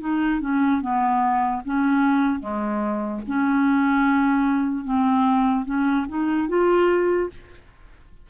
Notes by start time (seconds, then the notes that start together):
0.00 D#4
0.41 C#4
0.81 B3
1.65 C#4
2.40 G#3
3.27 C#4
4.84 C4
5.65 C#4
6.08 D#4
6.49 F4